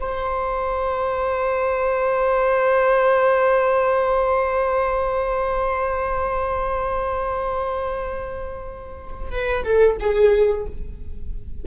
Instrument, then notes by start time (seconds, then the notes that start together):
viola
0.00 C5
9.31 B4
9.64 A4
10.00 G#4